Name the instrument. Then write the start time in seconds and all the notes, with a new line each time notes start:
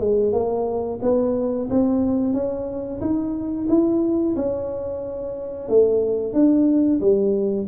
tuba
0.00 G#3
0.33 A#3
1.02 B3
1.70 C4
2.34 C#4
3.01 D#4
3.69 E4
4.36 C#4
5.69 A3
6.33 D4
7.00 G3